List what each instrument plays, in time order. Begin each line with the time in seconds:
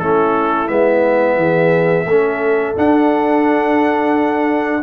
0.00 tuba A3, trombone C#4, horn E4, trumpet A4
0.67 tuba G#3, trombone B3, trumpet E5
1.36 tuba E3, horn G#4
2.05 tuba A3, trombone C#4, horn A4
2.76 trombone D4, tuba D4, trumpet F#5